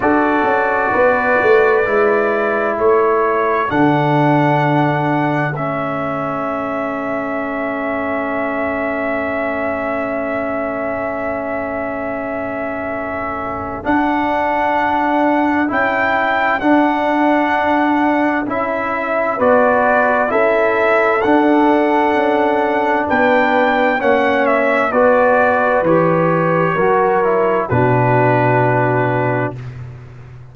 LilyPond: <<
  \new Staff \with { instrumentName = "trumpet" } { \time 4/4 \tempo 4 = 65 d''2. cis''4 | fis''2 e''2~ | e''1~ | e''2. fis''4~ |
fis''4 g''4 fis''2 | e''4 d''4 e''4 fis''4~ | fis''4 g''4 fis''8 e''8 d''4 | cis''2 b'2 | }
  \new Staff \with { instrumentName = "horn" } { \time 4/4 a'4 b'2 a'4~ | a'1~ | a'1~ | a'1~ |
a'1~ | a'4 b'4 a'2~ | a'4 b'4 cis''4 b'4~ | b'4 ais'4 fis'2 | }
  \new Staff \with { instrumentName = "trombone" } { \time 4/4 fis'2 e'2 | d'2 cis'2~ | cis'1~ | cis'2. d'4~ |
d'4 e'4 d'2 | e'4 fis'4 e'4 d'4~ | d'2 cis'4 fis'4 | g'4 fis'8 e'8 d'2 | }
  \new Staff \with { instrumentName = "tuba" } { \time 4/4 d'8 cis'8 b8 a8 gis4 a4 | d2 a2~ | a1~ | a2. d'4~ |
d'4 cis'4 d'2 | cis'4 b4 cis'4 d'4 | cis'4 b4 ais4 b4 | e4 fis4 b,2 | }
>>